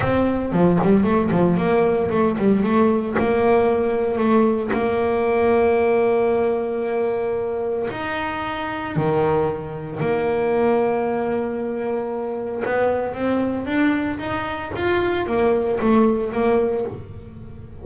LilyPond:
\new Staff \with { instrumentName = "double bass" } { \time 4/4 \tempo 4 = 114 c'4 f8 g8 a8 f8 ais4 | a8 g8 a4 ais2 | a4 ais2.~ | ais2. dis'4~ |
dis'4 dis2 ais4~ | ais1 | b4 c'4 d'4 dis'4 | f'4 ais4 a4 ais4 | }